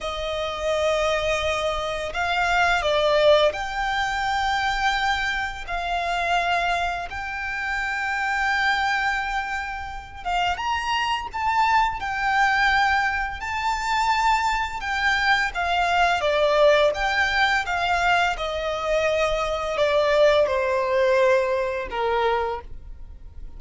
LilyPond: \new Staff \with { instrumentName = "violin" } { \time 4/4 \tempo 4 = 85 dis''2. f''4 | d''4 g''2. | f''2 g''2~ | g''2~ g''8 f''8 ais''4 |
a''4 g''2 a''4~ | a''4 g''4 f''4 d''4 | g''4 f''4 dis''2 | d''4 c''2 ais'4 | }